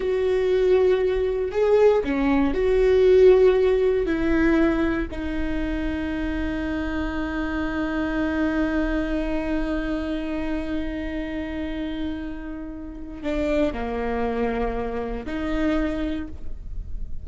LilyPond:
\new Staff \with { instrumentName = "viola" } { \time 4/4 \tempo 4 = 118 fis'2. gis'4 | cis'4 fis'2. | e'2 dis'2~ | dis'1~ |
dis'1~ | dis'1~ | dis'2 d'4 ais4~ | ais2 dis'2 | }